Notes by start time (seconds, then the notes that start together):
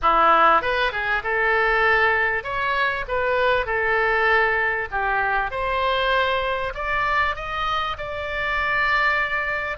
0.02 E4
0.61 B4
0.92 G#4
1.23 A4
2.43 C#5
3.08 B4
3.65 A4
4.91 G4
5.50 C5
6.74 D5
7.35 D#5
7.97 D5